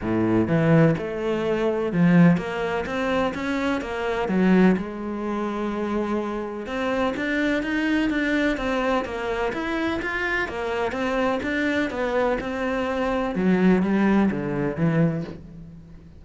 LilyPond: \new Staff \with { instrumentName = "cello" } { \time 4/4 \tempo 4 = 126 a,4 e4 a2 | f4 ais4 c'4 cis'4 | ais4 fis4 gis2~ | gis2 c'4 d'4 |
dis'4 d'4 c'4 ais4 | e'4 f'4 ais4 c'4 | d'4 b4 c'2 | fis4 g4 d4 e4 | }